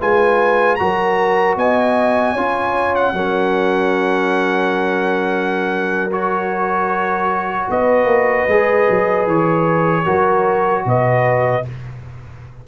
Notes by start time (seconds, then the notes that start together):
0.00 G#3 F4 B4 G#5
0.75 F#3 F#4 A#4 A#5
1.56 B3 D#5 G#5
2.33 C#4 F4 C#5
2.95 F#5
3.13 F#3 C#4 A#4
6.12 F#4 C#5
7.69 B3 B4 D#5
8.04 A#3
8.48 G#3 G#4
8.89 F#3
9.26 E3 C#5
10.04 F#3 F#4 A#4
10.85 B2 B4 D#5